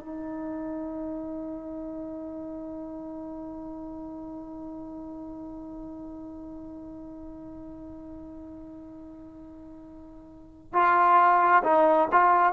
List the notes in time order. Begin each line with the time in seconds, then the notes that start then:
0.00 D#4
10.73 F4
11.64 D#4
12.12 F4